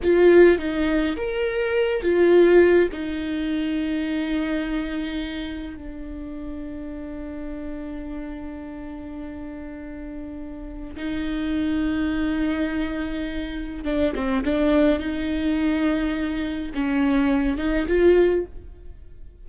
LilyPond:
\new Staff \with { instrumentName = "viola" } { \time 4/4 \tempo 4 = 104 f'4 dis'4 ais'4. f'8~ | f'4 dis'2.~ | dis'2 d'2~ | d'1~ |
d'2. dis'4~ | dis'1 | d'8 c'8 d'4 dis'2~ | dis'4 cis'4. dis'8 f'4 | }